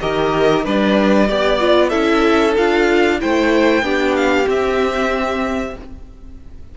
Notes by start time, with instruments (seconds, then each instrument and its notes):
0.00 cello D#3, viola G4, violin A#4 D#5
0.64 cello G3, viola D4, violin B4 D5
1.28 cello B3, viola G4, violin D5
1.60 viola F4
1.89 cello C#4, viola E4, violin A4 E5
2.57 cello D4, viola F4, violin F5
3.20 cello A3, viola E4, violin C5 G5
3.82 cello B3, viola D4, violin G4
4.15 violin F5
4.44 viola C4, cello C4, violin E5